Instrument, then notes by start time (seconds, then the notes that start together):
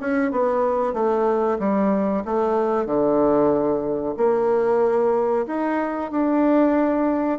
bassoon
0.00 C#4
0.31 B3
0.94 A3
1.59 G3
2.25 A3
2.86 D3
4.17 A#3
5.47 D#4
6.11 D4